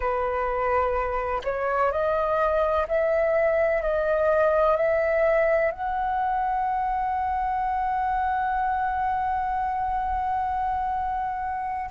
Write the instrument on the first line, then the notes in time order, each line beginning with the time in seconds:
flute
0.00 B4
1.43 C#5
1.91 D#5
2.88 E5
3.82 D#5
4.76 E5
5.71 F#5